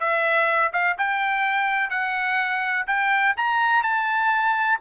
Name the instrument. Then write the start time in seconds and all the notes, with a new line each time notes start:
trumpet
0.00 E5
0.73 F5
0.98 G5
1.90 F#5
2.87 G5
3.37 A#5
3.83 A5